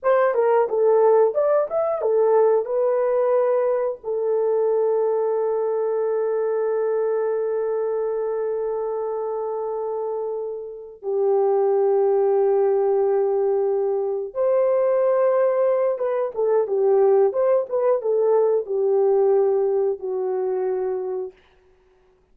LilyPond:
\new Staff \with { instrumentName = "horn" } { \time 4/4 \tempo 4 = 90 c''8 ais'8 a'4 d''8 e''8 a'4 | b'2 a'2~ | a'1~ | a'1~ |
a'8 g'2.~ g'8~ | g'4. c''2~ c''8 | b'8 a'8 g'4 c''8 b'8 a'4 | g'2 fis'2 | }